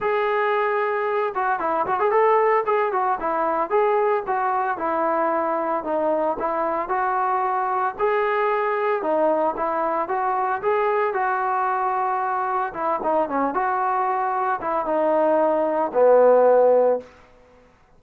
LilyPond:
\new Staff \with { instrumentName = "trombone" } { \time 4/4 \tempo 4 = 113 gis'2~ gis'8 fis'8 e'8 fis'16 gis'16 | a'4 gis'8 fis'8 e'4 gis'4 | fis'4 e'2 dis'4 | e'4 fis'2 gis'4~ |
gis'4 dis'4 e'4 fis'4 | gis'4 fis'2. | e'8 dis'8 cis'8 fis'2 e'8 | dis'2 b2 | }